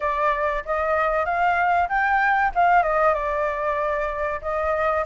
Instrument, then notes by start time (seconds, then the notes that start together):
flute
0.00 D5
0.65 D#5
1.25 F5
1.88 G5
2.54 F5
2.82 D#5
3.14 D5
4.41 D#5